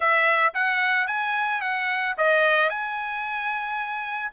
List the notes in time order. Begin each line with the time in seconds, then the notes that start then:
0.00 E5
0.54 F#5
1.07 G#5
1.61 F#5
2.17 D#5
2.69 G#5